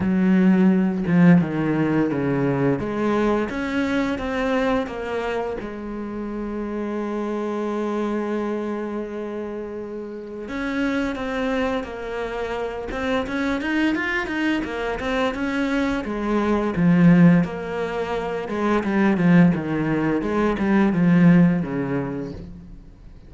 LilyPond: \new Staff \with { instrumentName = "cello" } { \time 4/4 \tempo 4 = 86 fis4. f8 dis4 cis4 | gis4 cis'4 c'4 ais4 | gis1~ | gis2. cis'4 |
c'4 ais4. c'8 cis'8 dis'8 | f'8 dis'8 ais8 c'8 cis'4 gis4 | f4 ais4. gis8 g8 f8 | dis4 gis8 g8 f4 cis4 | }